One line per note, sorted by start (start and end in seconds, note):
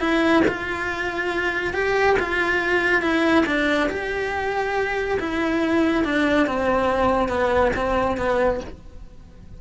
0.00 0.43 E4
0.48 1.74 F4
1.74 2.17 G4
2.19 3.02 F4
3.02 3.45 E4
3.46 3.89 D4
3.90 5.18 G4
5.20 6.04 E4
6.04 6.47 D4
6.47 7.28 C4
7.28 7.71 B3
7.76 8.17 C4
8.17 8.60 B3